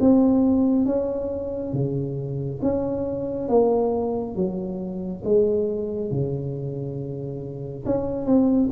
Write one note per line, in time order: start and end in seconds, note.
0.00 0.85 C4
0.85 1.72 C#4
1.73 2.60 C#3
2.62 3.48 C#4
3.48 4.35 A#3
4.35 5.22 F#3
5.24 6.11 G#3
6.11 7.85 C#3
7.85 8.26 C#4
8.26 8.69 C4